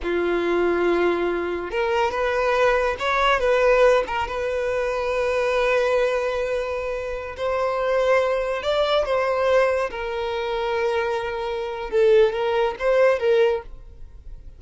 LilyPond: \new Staff \with { instrumentName = "violin" } { \time 4/4 \tempo 4 = 141 f'1 | ais'4 b'2 cis''4 | b'4. ais'8 b'2~ | b'1~ |
b'4~ b'16 c''2~ c''8.~ | c''16 d''4 c''2 ais'8.~ | ais'1 | a'4 ais'4 c''4 ais'4 | }